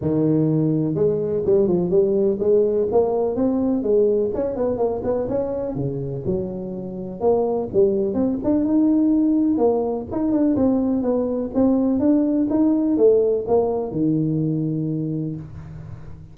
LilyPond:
\new Staff \with { instrumentName = "tuba" } { \time 4/4 \tempo 4 = 125 dis2 gis4 g8 f8 | g4 gis4 ais4 c'4 | gis4 cis'8 b8 ais8 b8 cis'4 | cis4 fis2 ais4 |
g4 c'8 d'8 dis'2 | ais4 dis'8 d'8 c'4 b4 | c'4 d'4 dis'4 a4 | ais4 dis2. | }